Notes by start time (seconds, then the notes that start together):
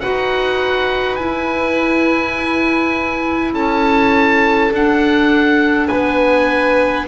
0.00 D#4 F#4 B4 F#5
1.15 E4 G#5
3.52 C#4 A4 A5
4.71 D4 F#5
5.87 B3 B4 G#5